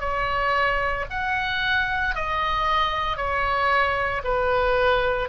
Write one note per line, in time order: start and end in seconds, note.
0.00 1.05 C#5
1.10 2.15 F#5
2.15 3.17 D#5
3.17 4.22 C#5
4.24 5.29 B4